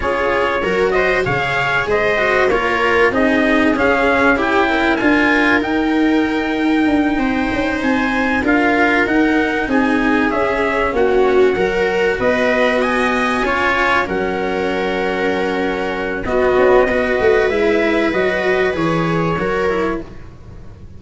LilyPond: <<
  \new Staff \with { instrumentName = "trumpet" } { \time 4/4 \tempo 4 = 96 cis''4. dis''8 f''4 dis''4 | cis''4 dis''4 f''4 g''4 | gis''4 g''2.~ | g''8 gis''4 f''4 fis''4 gis''8~ |
gis''8 e''4 fis''2 dis''8~ | dis''8 gis''2 fis''4.~ | fis''2 dis''2 | e''4 dis''4 cis''2 | }
  \new Staff \with { instrumentName = "viola" } { \time 4/4 gis'4 ais'8 c''8 cis''4 c''4 | ais'4 gis'2 g'8 ais'8~ | ais'2.~ ais'8 c''8~ | c''4. ais'2 gis'8~ |
gis'4. fis'4 ais'4 b'8~ | b'8 dis''4 cis''4 ais'4.~ | ais'2 fis'4 b'4~ | b'2. ais'4 | }
  \new Staff \with { instrumentName = "cello" } { \time 4/4 f'4 fis'4 gis'4. fis'8 | f'4 dis'4 cis'4 e'4 | f'4 dis'2.~ | dis'4. f'4 dis'4.~ |
dis'8 cis'2 fis'4.~ | fis'4. f'4 cis'4.~ | cis'2 b4 fis'4 | e'4 fis'4 gis'4 fis'8 e'8 | }
  \new Staff \with { instrumentName = "tuba" } { \time 4/4 cis'4 fis4 cis4 gis4 | ais4 c'4 cis'2 | d'4 dis'2 d'8 c'8 | cis'8 c'4 d'4 dis'4 c'8~ |
c'8 cis'4 ais4 fis4 b8~ | b4. cis'4 fis4.~ | fis2 b8 cis'8 b8 a8 | gis4 fis4 e4 fis4 | }
>>